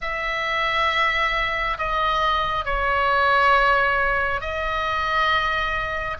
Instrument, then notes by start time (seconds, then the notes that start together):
oboe
0.01 E5
1.78 D#5
2.65 C#5
4.40 D#5